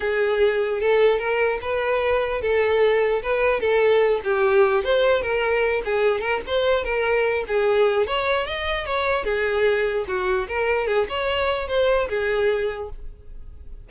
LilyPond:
\new Staff \with { instrumentName = "violin" } { \time 4/4 \tempo 4 = 149 gis'2 a'4 ais'4 | b'2 a'2 | b'4 a'4. g'4. | c''4 ais'4. gis'4 ais'8 |
c''4 ais'4. gis'4. | cis''4 dis''4 cis''4 gis'4~ | gis'4 fis'4 ais'4 gis'8 cis''8~ | cis''4 c''4 gis'2 | }